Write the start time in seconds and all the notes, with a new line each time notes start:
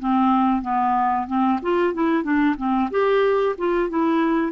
0.00 C4
0.62 B3
1.27 C4
1.62 F4
1.94 E4
2.24 D4
2.58 C4
2.91 G4
3.58 F4
3.90 E4